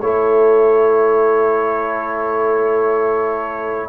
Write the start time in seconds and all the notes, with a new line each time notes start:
0.00 A3 E4 A4 C#5